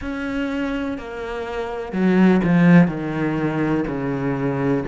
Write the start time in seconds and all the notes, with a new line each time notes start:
0.01 C#4
0.98 A#3
1.92 F#3
2.44 F3
2.87 D#3
3.87 C#3